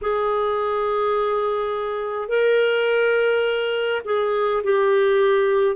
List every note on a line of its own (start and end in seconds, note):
0.01 2.28 G#4
2.28 4.01 A#4
4.04 4.62 G#4
4.63 5.76 G4